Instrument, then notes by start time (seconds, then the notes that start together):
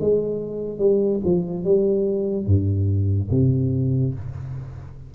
tuba
0.00 G#3
0.78 G3
1.25 F3
1.64 G3
2.46 G2
3.31 C3